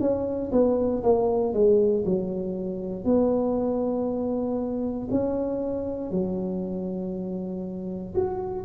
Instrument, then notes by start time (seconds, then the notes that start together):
tuba
0.00 C#4
0.51 B3
1.03 A#3
1.53 G#3
2.05 F#3
3.05 B3
5.10 C#4
6.11 F#3
8.14 F#4